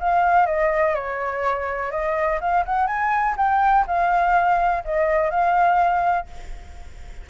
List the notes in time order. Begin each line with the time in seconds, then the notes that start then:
0.00 F5
0.46 D#5
0.95 C#5
1.91 D#5
2.40 F5
2.65 F#5
2.87 G#5
3.37 G5
3.87 F5
4.85 D#5
5.30 F5